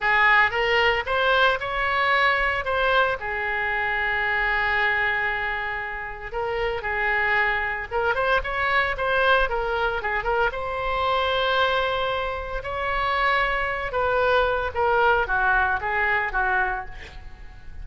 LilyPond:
\new Staff \with { instrumentName = "oboe" } { \time 4/4 \tempo 4 = 114 gis'4 ais'4 c''4 cis''4~ | cis''4 c''4 gis'2~ | gis'1 | ais'4 gis'2 ais'8 c''8 |
cis''4 c''4 ais'4 gis'8 ais'8 | c''1 | cis''2~ cis''8 b'4. | ais'4 fis'4 gis'4 fis'4 | }